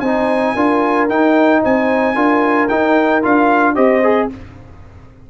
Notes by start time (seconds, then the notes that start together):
0.00 C4 D#4 C5 G#5
0.54 D4 F4 A#4
1.09 D#4 G5
1.62 C4 C5 G#5
2.15 D4 F4 A#4
2.68 D#4 G5
3.22 D4 F4 F5
3.75 C4 G4 C5 D#5
4.03 G#4